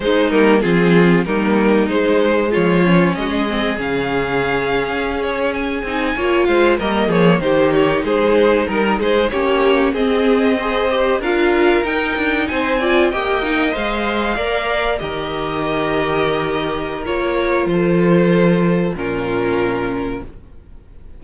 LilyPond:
<<
  \new Staff \with { instrumentName = "violin" } { \time 4/4 \tempo 4 = 95 c''8 ais'8 gis'4 ais'4 c''4 | cis''4 dis''4 f''2~ | f''16 cis''8 gis''4. f''8 dis''8 cis''8 c''16~ | c''16 cis''8 c''4 ais'8 c''8 cis''4 dis''16~ |
dis''4.~ dis''16 f''4 g''4 gis''16~ | gis''8. g''4 f''2 dis''16~ | dis''2. cis''4 | c''2 ais'2 | }
  \new Staff \with { instrumentName = "violin" } { \time 4/4 dis'4 f'4 dis'2 | f'4 fis'16 gis'2~ gis'8.~ | gis'4.~ gis'16 cis''8 c''8 ais'8 gis'8 g'16~ | g'8. gis'4 ais'8 gis'8 g'4 gis'16~ |
gis'8. c''4 ais'2 c''16~ | c''16 d''8 dis''2 d''4 ais'16~ | ais'1 | a'2 f'2 | }
  \new Staff \with { instrumentName = "viola" } { \time 4/4 gis8 ais8 c'4 ais4 gis4~ | gis8 cis'4 c'8 cis'2~ | cis'4~ cis'16 dis'8 f'4 ais4 dis'16~ | dis'2~ dis'8. cis'4 c'16~ |
c'8. gis'8 g'8 f'4 dis'4~ dis'16~ | dis'16 f'8 g'8 dis'8 c''4 ais'4 g'16~ | g'2. f'4~ | f'2 cis'2 | }
  \new Staff \with { instrumentName = "cello" } { \time 4/4 gis8 g8 f4 g4 gis4 | f4 gis4 cis4.~ cis16 cis'16~ | cis'4~ cis'16 c'8 ais8 gis8 g8 f8 dis16~ | dis8. gis4 g8 gis8 ais4 c'16~ |
c'4.~ c'16 d'4 dis'8 d'8 c'16~ | c'8. ais4 gis4 ais4 dis16~ | dis2. ais4 | f2 ais,2 | }
>>